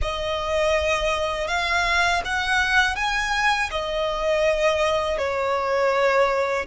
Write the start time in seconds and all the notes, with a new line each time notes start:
0.01 D#5
1.47 F5
2.24 F#5
2.95 G#5
3.70 D#5
5.18 C#5